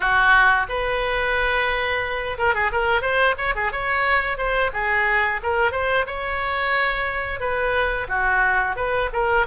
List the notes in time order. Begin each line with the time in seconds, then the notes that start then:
0.00 F#4
0.69 B4
2.37 A#4
2.54 G#4
2.72 A#4
3.01 C5
3.37 C#5
3.55 G#4
3.72 C#5
4.37 C5
4.73 G#4
5.42 A#4
5.71 C5
6.06 C#5
7.39 B4
8.08 F#4
8.75 B4
9.12 A#4